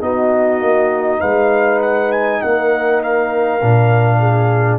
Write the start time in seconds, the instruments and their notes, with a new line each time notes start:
0.00 tuba B3, trombone D#4, horn F#4, trumpet D#5
0.60 tuba A#3
1.20 tuba G#3, horn B4, trumpet F5
1.81 trumpet F#5
2.12 trumpet G#5
2.42 tuba A#3, horn A#4, trumpet F#5
3.03 trumpet F5
3.62 tuba A#2, trombone D4
4.20 horn G#4